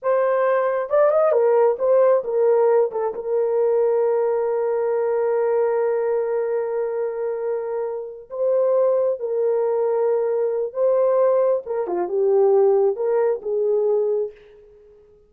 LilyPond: \new Staff \with { instrumentName = "horn" } { \time 4/4 \tempo 4 = 134 c''2 d''8 dis''8 ais'4 | c''4 ais'4. a'8 ais'4~ | ais'1~ | ais'1~ |
ais'2~ ais'8 c''4.~ | c''8 ais'2.~ ais'8 | c''2 ais'8 f'8 g'4~ | g'4 ais'4 gis'2 | }